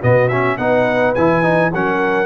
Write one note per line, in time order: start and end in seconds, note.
0.00 0.58 B2
0.00 0.30 B3
0.00 0.57 F#4
0.00 0.28 D#5
0.28 0.58 C#4
0.28 0.56 E5
0.57 1.15 B3
0.57 1.15 D#4
0.57 1.72 B4
0.57 1.14 F#5
1.14 1.74 E3
1.14 1.42 E4
1.14 1.71 G#5
1.42 1.71 D#4
1.73 2.25 F#3
1.73 2.25 C#4
1.73 2.25 A#4
1.73 2.25 F#5